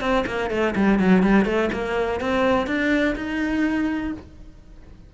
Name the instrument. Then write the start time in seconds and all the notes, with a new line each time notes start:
cello
0.00 C4
0.26 A#3
0.50 A3
0.75 G3
0.99 F#3
1.22 G3
1.45 A3
1.72 A#3
2.20 C4
2.66 D4
3.15 D#4